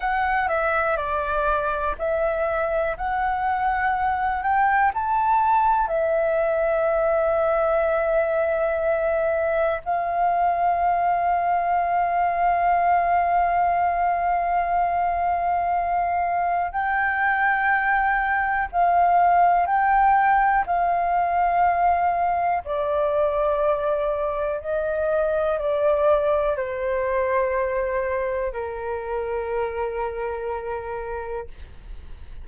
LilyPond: \new Staff \with { instrumentName = "flute" } { \time 4/4 \tempo 4 = 61 fis''8 e''8 d''4 e''4 fis''4~ | fis''8 g''8 a''4 e''2~ | e''2 f''2~ | f''1~ |
f''4 g''2 f''4 | g''4 f''2 d''4~ | d''4 dis''4 d''4 c''4~ | c''4 ais'2. | }